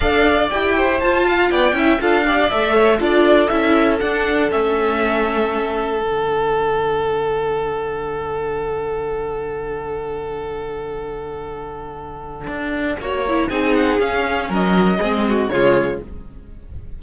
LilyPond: <<
  \new Staff \with { instrumentName = "violin" } { \time 4/4 \tempo 4 = 120 f''4 g''4 a''4 g''4 | f''4 e''4 d''4 e''4 | fis''4 e''2. | fis''1~ |
fis''1~ | fis''1~ | fis''2. gis''8 fis''8 | f''4 dis''2 cis''4 | }
  \new Staff \with { instrumentName = "violin" } { \time 4/4 d''4. c''4 f''8 d''8 e''8 | a'8 d''4 cis''8 a'2~ | a'1~ | a'1~ |
a'1~ | a'1~ | a'2 cis''4 gis'4~ | gis'4 ais'4 gis'8 fis'8 f'4 | }
  \new Staff \with { instrumentName = "viola" } { \time 4/4 a'4 g'4 f'4. e'8 | f'8 g'8 a'4 f'4 e'4 | d'4 cis'2. | d'1~ |
d'1~ | d'1~ | d'2 fis'8 e'8 dis'4 | cis'2 c'4 gis4 | }
  \new Staff \with { instrumentName = "cello" } { \time 4/4 d'4 e'4 f'4 b8 cis'8 | d'4 a4 d'4 cis'4 | d'4 a2. | d1~ |
d1~ | d1~ | d4 d'4 ais4 c'4 | cis'4 fis4 gis4 cis4 | }
>>